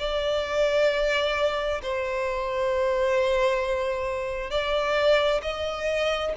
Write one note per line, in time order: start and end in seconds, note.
0.00 1.82 D5
1.83 4.51 C5
4.51 5.42 D5
5.43 6.33 D#5